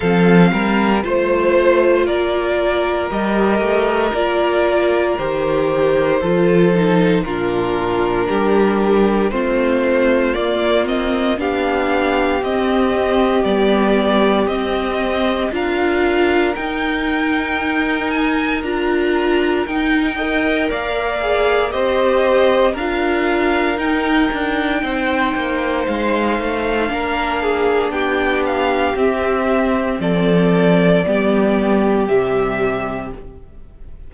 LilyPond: <<
  \new Staff \with { instrumentName = "violin" } { \time 4/4 \tempo 4 = 58 f''4 c''4 d''4 dis''4 | d''4 c''2 ais'4~ | ais'4 c''4 d''8 dis''8 f''4 | dis''4 d''4 dis''4 f''4 |
g''4. gis''8 ais''4 g''4 | f''4 dis''4 f''4 g''4~ | g''4 f''2 g''8 f''8 | e''4 d''2 e''4 | }
  \new Staff \with { instrumentName = "violin" } { \time 4/4 a'8 ais'8 c''4 ais'2~ | ais'2 a'4 f'4 | g'4 f'2 g'4~ | g'2. ais'4~ |
ais'2.~ ais'8 dis''8 | d''4 c''4 ais'2 | c''2 ais'8 gis'8 g'4~ | g'4 a'4 g'2 | }
  \new Staff \with { instrumentName = "viola" } { \time 4/4 c'4 f'2 g'4 | f'4 g'4 f'8 dis'8 d'4~ | d'4 c'4 ais8 c'8 d'4 | c'4 b4 c'4 f'4 |
dis'2 f'4 dis'8 ais'8~ | ais'8 gis'8 g'4 f'4 dis'4~ | dis'2 d'2 | c'2 b4 g4 | }
  \new Staff \with { instrumentName = "cello" } { \time 4/4 f8 g8 a4 ais4 g8 a8 | ais4 dis4 f4 ais,4 | g4 a4 ais4 b4 | c'4 g4 c'4 d'4 |
dis'2 d'4 dis'4 | ais4 c'4 d'4 dis'8 d'8 | c'8 ais8 gis8 a8 ais4 b4 | c'4 f4 g4 c4 | }
>>